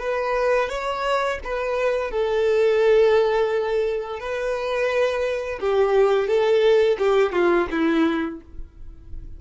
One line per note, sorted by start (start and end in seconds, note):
0.00 0.69 B4
0.69 1.39 C#5
1.44 2.11 B4
2.11 4.20 A4
4.20 5.59 B4
5.60 6.28 G4
6.28 6.98 A4
6.99 7.33 G4
7.33 7.67 F4
7.71 8.41 E4